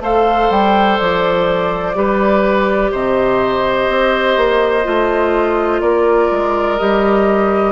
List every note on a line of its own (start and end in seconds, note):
0.00 0.48 A3
0.00 1.94 A4
0.00 1.96 C5
0.00 0.51 F5
0.49 0.98 G3
0.49 0.98 G5
0.98 1.95 F3
0.98 2.91 D5
1.94 2.91 G3
1.94 4.83 G4
1.94 2.91 B4
2.91 3.88 C3
2.91 5.81 C5
2.91 5.81 D#5
3.88 4.36 C4
4.36 4.85 A#3
4.83 5.80 A3
4.83 6.77 F4
5.80 6.29 A#3
5.80 7.72 A#4
5.80 6.77 D5
6.31 6.79 G#3
6.78 7.72 G3
6.78 7.72 G4
6.78 7.72 D#5